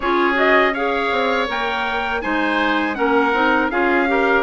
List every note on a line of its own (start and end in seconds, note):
0.00 1.10 C#4
0.00 0.34 F4
0.00 0.73 G#4
0.00 0.36 C#5
0.34 0.71 F#4
0.34 0.74 D#5
0.73 1.47 G#4
0.73 2.21 C#5
0.73 1.48 F5
1.11 1.48 C4
1.47 2.22 A#3
1.47 2.21 A#4
1.47 2.21 G5
2.21 2.98 G#3
2.21 2.94 D#4
2.21 2.96 C5
2.21 2.94 G#5
2.94 3.33 A#3
2.94 3.31 C#4
2.94 3.71 A#4
2.94 3.68 F#5
3.33 3.70 C4
3.33 3.71 D#4
3.70 4.42 C#4
3.70 4.07 F4
3.70 4.08 G#4
3.70 4.42 F5
4.07 4.42 G4
4.07 4.42 A#4